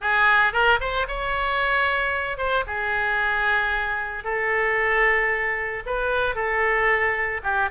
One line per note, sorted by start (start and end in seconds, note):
0.01 0.52 G#4
0.52 0.79 A#4
0.80 1.06 C5
1.07 2.37 C#5
2.37 2.64 C5
2.66 4.24 G#4
4.24 5.83 A4
5.86 6.35 B4
6.35 7.41 A4
7.43 7.69 G4